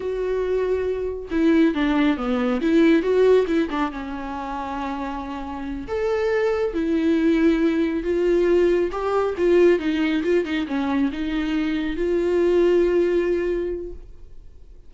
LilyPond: \new Staff \with { instrumentName = "viola" } { \time 4/4 \tempo 4 = 138 fis'2. e'4 | d'4 b4 e'4 fis'4 | e'8 d'8 cis'2.~ | cis'4. a'2 e'8~ |
e'2~ e'8 f'4.~ | f'8 g'4 f'4 dis'4 f'8 | dis'8 cis'4 dis'2 f'8~ | f'1 | }